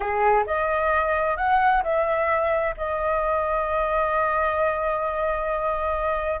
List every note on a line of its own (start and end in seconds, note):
0.00 0.44 G#4
0.46 1.36 D#5
1.36 1.82 F#5
1.83 2.75 E5
2.77 6.40 D#5